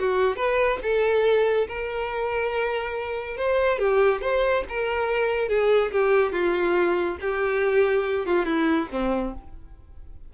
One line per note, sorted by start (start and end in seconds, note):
0.00 0.37 F#4
0.37 0.79 B4
0.83 1.68 A4
1.68 3.37 A#4
3.37 3.79 C5
3.79 4.22 G4
4.22 4.64 C5
4.69 5.49 A#4
5.49 5.92 G#4
5.92 6.32 G4
6.32 7.18 F4
7.21 8.27 G4
8.27 8.46 F4
8.46 8.88 E4
8.92 9.34 C4